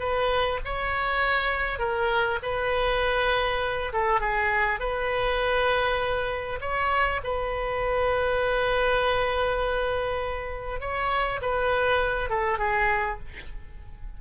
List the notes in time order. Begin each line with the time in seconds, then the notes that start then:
0.00 B4
0.65 C#5
1.79 A#4
2.43 B4
3.93 A4
4.21 G#4
4.80 B4
6.61 C#5
7.24 B4
10.81 C#5
11.42 B4
12.30 A4
12.59 G#4